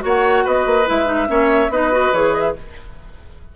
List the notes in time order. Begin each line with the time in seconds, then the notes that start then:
0.00 A#3 F#4 C#5
0.08 F#5
0.45 B3 B4 D#5
0.66 A#3
0.87 G#3 E4 E5
1.06 D#4
1.27 A#3 C#4 C#5
1.69 B3 D#4 B4 D#5
1.92 F#4
2.13 E3 G#4 C#5
2.34 D#5
2.41 E5